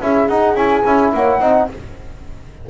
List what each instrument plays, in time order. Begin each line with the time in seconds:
0.00 double bass C#4, trombone E4, horn G#4, flute E5
0.28 double bass D#4, trombone D#4, flute F#5
0.55 trombone C#4, double bass E4, flute G#5
0.85 double bass C#4, trombone E4
1.14 double bass A#3, horn C#5, flute F#5
1.40 double bass C4, trombone D#4, horn D#5